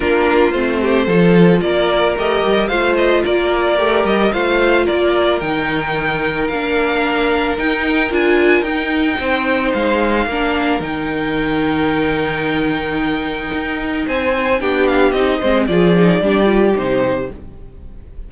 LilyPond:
<<
  \new Staff \with { instrumentName = "violin" } { \time 4/4 \tempo 4 = 111 ais'4 c''2 d''4 | dis''4 f''8 dis''8 d''4. dis''8 | f''4 d''4 g''2 | f''2 g''4 gis''4 |
g''2 f''2 | g''1~ | g''2 gis''4 g''8 f''8 | dis''4 d''2 c''4 | }
  \new Staff \with { instrumentName = "violin" } { \time 4/4 f'4. g'8 a'4 ais'4~ | ais'4 c''4 ais'2 | c''4 ais'2.~ | ais'1~ |
ais'4 c''2 ais'4~ | ais'1~ | ais'2 c''4 g'4~ | g'8 c''8 gis'4 g'2 | }
  \new Staff \with { instrumentName = "viola" } { \time 4/4 d'4 c'4 f'2 | g'4 f'2 g'4 | f'2 dis'2 | d'2 dis'4 f'4 |
dis'2. d'4 | dis'1~ | dis'2. d'4 | dis'8 c'8 f'8 dis'8 d'8 f'8 dis'4 | }
  \new Staff \with { instrumentName = "cello" } { \time 4/4 ais4 a4 f4 ais4 | a8 g8 a4 ais4 a8 g8 | a4 ais4 dis2 | ais2 dis'4 d'4 |
dis'4 c'4 gis4 ais4 | dis1~ | dis4 dis'4 c'4 b4 | c'8 gis8 f4 g4 c4 | }
>>